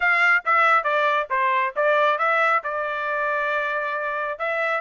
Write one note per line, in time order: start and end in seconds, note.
0.00 0.43 F5
0.45 0.83 E5
0.83 1.27 D5
1.30 1.74 C5
1.75 2.18 D5
2.18 2.62 E5
2.63 4.38 D5
4.38 4.81 E5